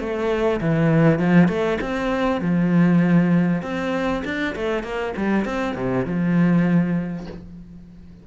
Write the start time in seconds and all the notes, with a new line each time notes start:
0.00 A3
0.61 E3
1.20 F3
1.48 A3
1.81 C4
2.41 F3
3.63 C4
4.25 D4
4.56 A3
4.84 A#3
5.17 G3
5.45 C4
5.76 C3
6.06 F3